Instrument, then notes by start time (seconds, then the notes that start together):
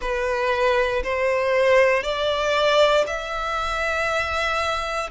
violin
0.00 B4
1.03 C5
2.03 D5
3.06 E5